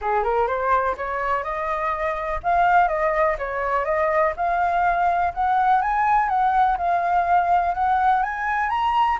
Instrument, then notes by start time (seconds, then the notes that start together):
flute
0.01 G#4
0.23 A#4
0.47 C5
0.97 C#5
1.43 D#5
2.43 F5
2.87 D#5
3.38 C#5
3.84 D#5
4.36 F5
5.34 F#5
5.81 G#5
6.28 F#5
6.77 F5
7.74 F#5
8.23 G#5
8.69 A#5